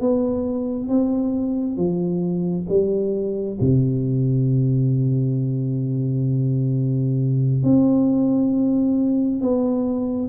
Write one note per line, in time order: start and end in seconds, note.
0.00 0.88 B3
0.88 1.76 C4
1.76 2.66 F3
2.68 3.58 G3
3.60 7.63 C3
7.63 9.41 C4
9.41 10.28 B3